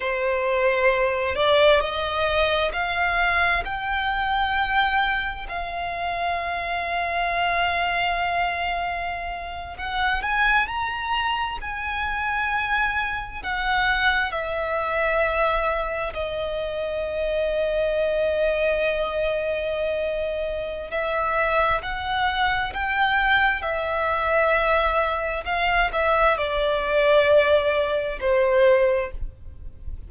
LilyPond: \new Staff \with { instrumentName = "violin" } { \time 4/4 \tempo 4 = 66 c''4. d''8 dis''4 f''4 | g''2 f''2~ | f''2~ f''8. fis''8 gis''8 ais''16~ | ais''8. gis''2 fis''4 e''16~ |
e''4.~ e''16 dis''2~ dis''16~ | dis''2. e''4 | fis''4 g''4 e''2 | f''8 e''8 d''2 c''4 | }